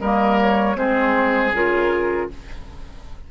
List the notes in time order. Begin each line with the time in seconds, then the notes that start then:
0.00 G3 A#3 A#4 D#5
0.41 C#5
0.75 G#3 C4 G#4 C5
1.51 C#3 F4 A#4